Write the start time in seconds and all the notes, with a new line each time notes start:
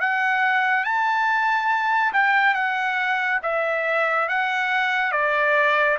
0.00 F#5
0.84 A5
2.13 G5
2.54 F#5
3.42 E5
4.28 F#5
5.12 D5